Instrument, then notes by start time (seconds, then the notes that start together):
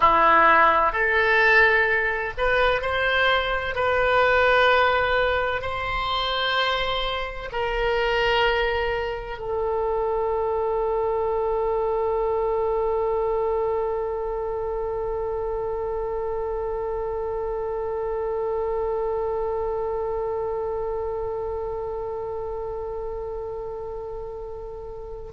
oboe
0.00 E4
0.92 A4
2.37 B4
2.81 C5
3.75 B4
5.61 C5
7.52 A#4
9.38 A4